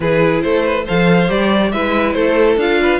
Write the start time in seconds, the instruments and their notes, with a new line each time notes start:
0.00 cello E3, viola E4, violin G#4 B4
0.41 cello A3, violin A4 C5
0.65 violin B4
0.84 cello F3, viola A4, violin C5 F5
1.27 cello G3, viola G4, violin D5
1.72 cello G#3, viola E4, violin B4 E5
2.12 cello A3, violin A4 C5
2.56 cello D4, viola F4, violin F5
2.81 violin B4